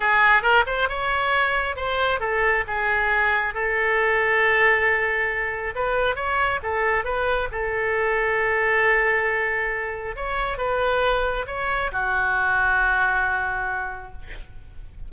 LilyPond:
\new Staff \with { instrumentName = "oboe" } { \time 4/4 \tempo 4 = 136 gis'4 ais'8 c''8 cis''2 | c''4 a'4 gis'2 | a'1~ | a'4 b'4 cis''4 a'4 |
b'4 a'2.~ | a'2. cis''4 | b'2 cis''4 fis'4~ | fis'1 | }